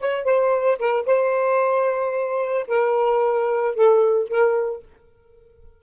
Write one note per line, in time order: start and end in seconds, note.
0.00 0.24 C#5
0.24 0.78 C5
0.79 1.06 A#4
1.06 2.67 C5
2.68 3.75 A#4
3.75 4.28 A4
4.28 4.82 A#4